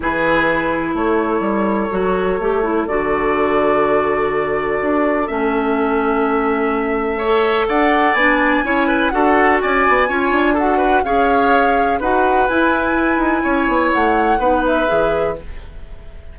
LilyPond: <<
  \new Staff \with { instrumentName = "flute" } { \time 4/4 \tempo 4 = 125 b'2 cis''2~ | cis''2 d''2~ | d''2. e''4~ | e''1 |
fis''4 gis''2 fis''4 | gis''2 fis''4 f''4~ | f''4 fis''4 gis''2~ | gis''4 fis''4. e''4. | }
  \new Staff \with { instrumentName = "oboe" } { \time 4/4 gis'2 a'2~ | a'1~ | a'1~ | a'2. cis''4 |
d''2 cis''8 b'8 a'4 | d''4 cis''4 a'8 b'8 cis''4~ | cis''4 b'2. | cis''2 b'2 | }
  \new Staff \with { instrumentName = "clarinet" } { \time 4/4 e'1 | fis'4 g'8 e'8 fis'2~ | fis'2. cis'4~ | cis'2. a'4~ |
a'4 d'4 e'4 fis'4~ | fis'4 f'4 fis'4 gis'4~ | gis'4 fis'4 e'2~ | e'2 dis'4 gis'4 | }
  \new Staff \with { instrumentName = "bassoon" } { \time 4/4 e2 a4 g4 | fis4 a4 d2~ | d2 d'4 a4~ | a1 |
d'4 b4 cis'4 d'4 | cis'8 b8 cis'8 d'4. cis'4~ | cis'4 dis'4 e'4. dis'8 | cis'8 b8 a4 b4 e4 | }
>>